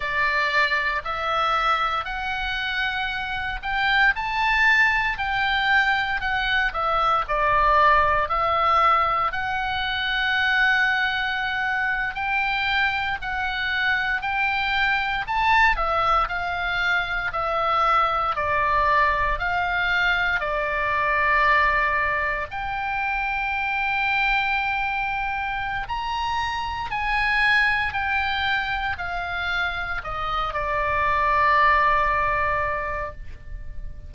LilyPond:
\new Staff \with { instrumentName = "oboe" } { \time 4/4 \tempo 4 = 58 d''4 e''4 fis''4. g''8 | a''4 g''4 fis''8 e''8 d''4 | e''4 fis''2~ fis''8. g''16~ | g''8. fis''4 g''4 a''8 e''8 f''16~ |
f''8. e''4 d''4 f''4 d''16~ | d''4.~ d''16 g''2~ g''16~ | g''4 ais''4 gis''4 g''4 | f''4 dis''8 d''2~ d''8 | }